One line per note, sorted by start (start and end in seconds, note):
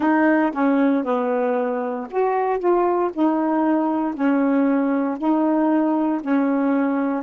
0.00 0.52 D#4
0.52 1.03 C#4
1.03 2.07 B3
2.10 2.59 F#4
2.59 3.10 F4
3.13 4.14 D#4
4.14 5.17 C#4
5.17 6.21 D#4
6.21 7.23 C#4